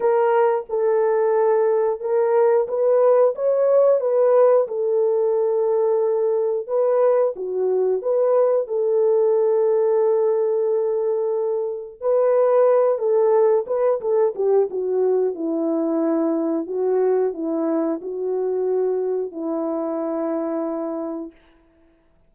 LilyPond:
\new Staff \with { instrumentName = "horn" } { \time 4/4 \tempo 4 = 90 ais'4 a'2 ais'4 | b'4 cis''4 b'4 a'4~ | a'2 b'4 fis'4 | b'4 a'2.~ |
a'2 b'4. a'8~ | a'8 b'8 a'8 g'8 fis'4 e'4~ | e'4 fis'4 e'4 fis'4~ | fis'4 e'2. | }